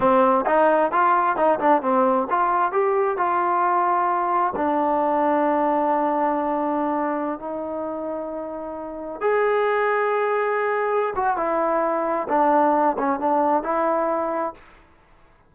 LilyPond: \new Staff \with { instrumentName = "trombone" } { \time 4/4 \tempo 4 = 132 c'4 dis'4 f'4 dis'8 d'8 | c'4 f'4 g'4 f'4~ | f'2 d'2~ | d'1~ |
d'16 dis'2.~ dis'8.~ | dis'16 gis'2.~ gis'8.~ | gis'8 fis'8 e'2 d'4~ | d'8 cis'8 d'4 e'2 | }